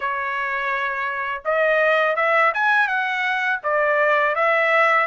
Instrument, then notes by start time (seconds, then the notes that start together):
trumpet
0.00 C#5
1.44 D#5
2.16 E5
2.54 G#5
2.87 F#5
3.63 D5
4.35 E5